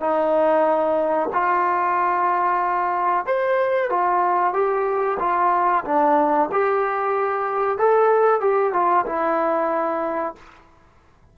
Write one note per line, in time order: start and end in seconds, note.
0.00 1.29 D#4
1.32 3.26 F4
3.26 3.89 C5
3.89 4.53 F4
4.53 5.18 G4
5.19 5.84 F4
5.84 6.49 D4
6.51 7.78 G4
7.78 8.40 A4
8.40 8.72 G4
8.72 9.05 F4
9.06 10.35 E4